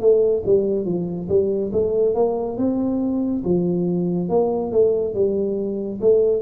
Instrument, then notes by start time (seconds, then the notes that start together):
tuba
0.00 A3
0.46 G3
0.85 F3
1.29 G3
1.73 A3
2.14 A#3
2.57 C4
3.44 F3
4.29 A#3
4.72 A3
5.14 G3
6.01 A3